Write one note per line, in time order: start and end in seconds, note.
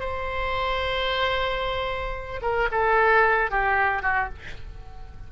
0.00 2.41 C5
2.42 2.69 A#4
2.72 3.51 A4
3.51 4.03 G4
4.03 4.29 F#4